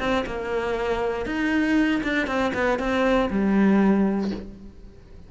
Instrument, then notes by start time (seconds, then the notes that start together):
cello
0.00 C4
0.27 A#3
1.26 D#4
2.04 D4
2.27 C4
2.55 B3
2.79 C4
3.31 G3